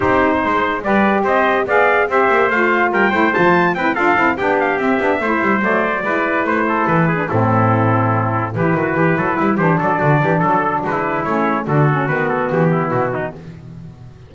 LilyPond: <<
  \new Staff \with { instrumentName = "trumpet" } { \time 4/4 \tempo 4 = 144 c''2 d''4 dis''4 | f''4 e''4 f''4 g''4 | a''4 g''8 f''4 g''8 f''8 e''8~ | e''4. d''2 c''8~ |
c''8 b'4 a'2~ a'8~ | a'8 b'2~ b'8 c''8 d''8~ | d''4 a'4 b'4 cis''4 | a'4 b'8 a'8 g'4 fis'4 | }
  \new Staff \with { instrumentName = "trumpet" } { \time 4/4 g'4 c''4 b'4 c''4 | d''4 c''2 ais'8 c''8~ | c''4 b'8 a'4 g'4.~ | g'8 c''2 b'4. |
a'4 gis'8 e'2~ e'8~ | e'8 g'8 fis'8 g'8 a'8 e'8 g'8 a'8 | fis'8 g'8 a'4 fis'16 e'4.~ e'16 | fis'2~ fis'8 e'4 dis'8 | }
  \new Staff \with { instrumentName = "saxophone" } { \time 4/4 dis'2 g'2 | gis'4 g'4 f'4. e'8 | f'4 e'8 f'8 e'8 d'4 c'8 | d'8 e'4 a4 e'4.~ |
e'4~ e'16 d'16 c'2~ c'8~ | c'8 e'2~ e'8 d'4~ | d'2. cis'4 | d'8 cis'8 b2. | }
  \new Staff \with { instrumentName = "double bass" } { \time 4/4 c'4 gis4 g4 c'4 | b4 c'8 ais8 a4 g8 a8 | f4 c'8 d'8 c'8 b4 c'8 | b8 a8 g8 fis4 gis4 a8~ |
a8 e4 a,2~ a,8~ | a,8 e8 dis8 e8 fis8 g8 e8 fis8 | d8 e8 fis4 gis4 a4 | d4 dis4 e4 b,4 | }
>>